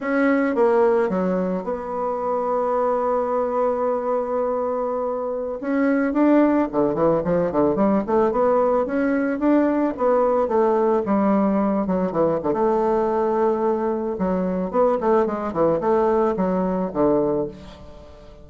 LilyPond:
\new Staff \with { instrumentName = "bassoon" } { \time 4/4 \tempo 4 = 110 cis'4 ais4 fis4 b4~ | b1~ | b2~ b16 cis'4 d'8.~ | d'16 d8 e8 f8 d8 g8 a8 b8.~ |
b16 cis'4 d'4 b4 a8.~ | a16 g4. fis8 e8 d16 a4~ | a2 fis4 b8 a8 | gis8 e8 a4 fis4 d4 | }